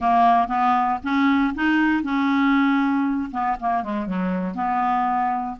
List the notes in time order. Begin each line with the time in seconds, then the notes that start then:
0.00 A#3
0.48 B3
1.03 C#4
1.54 D#4
2.03 C#4
3.31 B3
3.60 A#3
3.83 G#3
4.06 F#3
4.54 B3